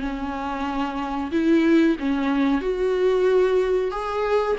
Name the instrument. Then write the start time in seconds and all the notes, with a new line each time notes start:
viola
0.00 C#4
1.31 E4
1.99 C#4
2.61 F#4
3.90 G#4